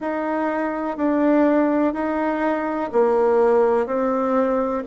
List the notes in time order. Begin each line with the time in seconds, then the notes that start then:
0.00 D#4
0.97 D4
1.94 D#4
2.92 A#3
3.86 C4